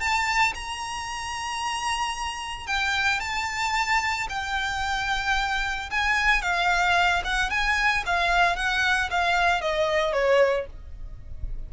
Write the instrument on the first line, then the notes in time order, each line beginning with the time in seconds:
violin
0.00 A5
0.55 A#5
2.67 G5
3.20 A5
4.30 G5
5.91 G#5
6.42 F5
7.25 F#5
7.50 G#5
8.06 F5
8.56 F#5
9.10 F5
9.61 D#5
10.13 C#5